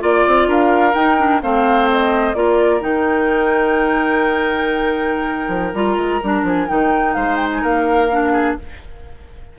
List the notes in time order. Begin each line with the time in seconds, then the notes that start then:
0.00 A#3 F4 D5
0.26 C4
0.47 D4 A#4 F5
0.94 D#4 G5
1.18 D4
1.42 A3 C4 C5 F5
1.91 D#5
2.34 A#3 F4 A#4 D5
2.80 D#3 D#4 G5
5.48 F3
5.74 G3 F4 A#5
5.97 G#3
6.23 G3 D4
6.43 F3 G#5
6.68 D#3 D#4 G5
7.14 G#3 C5 F5
7.37 G5
7.52 G#5
7.62 A#3 A#4 F5
8.11 D4
8.33 G#4